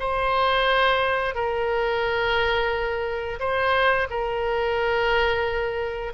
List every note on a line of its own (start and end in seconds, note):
0.00 1.35 C5
1.35 3.40 A#4
3.40 4.08 C5
4.10 6.14 A#4